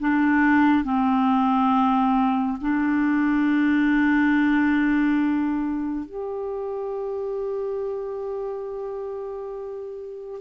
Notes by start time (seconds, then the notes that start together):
0.00 D4
0.84 C4
2.61 D4
6.06 G4